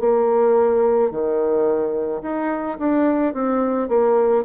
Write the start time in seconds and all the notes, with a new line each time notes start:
0.00 A#3
1.11 D#3
2.23 D#4
2.79 D4
3.34 C4
3.89 A#3